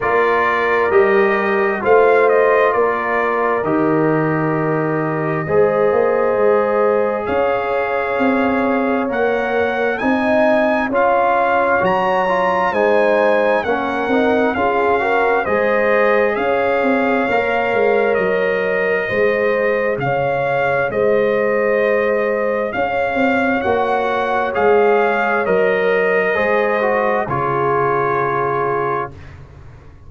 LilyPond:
<<
  \new Staff \with { instrumentName = "trumpet" } { \time 4/4 \tempo 4 = 66 d''4 dis''4 f''8 dis''8 d''4 | dis''1 | f''2 fis''4 gis''4 | f''4 ais''4 gis''4 fis''4 |
f''4 dis''4 f''2 | dis''2 f''4 dis''4~ | dis''4 f''4 fis''4 f''4 | dis''2 cis''2 | }
  \new Staff \with { instrumentName = "horn" } { \time 4/4 ais'2 c''4 ais'4~ | ais'2 c''2 | cis''2. dis''4 | cis''2 c''4 ais'4 |
gis'8 ais'8 c''4 cis''2~ | cis''4 c''4 cis''4 c''4~ | c''4 cis''2.~ | cis''4 c''4 gis'2 | }
  \new Staff \with { instrumentName = "trombone" } { \time 4/4 f'4 g'4 f'2 | g'2 gis'2~ | gis'2 ais'4 dis'4 | f'4 fis'8 f'8 dis'4 cis'8 dis'8 |
f'8 fis'8 gis'2 ais'4~ | ais'4 gis'2.~ | gis'2 fis'4 gis'4 | ais'4 gis'8 fis'8 f'2 | }
  \new Staff \with { instrumentName = "tuba" } { \time 4/4 ais4 g4 a4 ais4 | dis2 gis8 ais8 gis4 | cis'4 c'4 ais4 c'4 | cis'4 fis4 gis4 ais8 c'8 |
cis'4 gis4 cis'8 c'8 ais8 gis8 | fis4 gis4 cis4 gis4~ | gis4 cis'8 c'8 ais4 gis4 | fis4 gis4 cis2 | }
>>